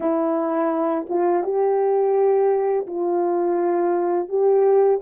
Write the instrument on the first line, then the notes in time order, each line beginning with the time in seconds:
horn
0.00 E4
1.09 F4
1.43 G4
2.86 F4
4.29 G4